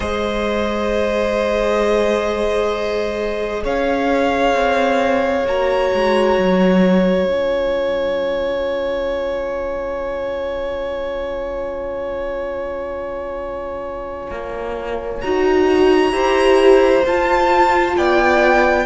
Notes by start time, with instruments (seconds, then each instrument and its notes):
0.00 cello G#3, viola G#4, violin C5 D#5
3.63 cello C#4, violin C#5 F5
4.54 cello C4
5.45 cello A#3, viola F#4, violin A#5
5.94 cello G#3
6.37 cello F#3
7.24 cello C#4, viola F4, violin G#5
14.30 cello A#3
15.21 cello D#4, viola F#4, violin A#5
16.11 cello E4, viola G4, violin C5
17.05 cello F4, viola F4, violin A5
17.96 cello B3, violin D5 G5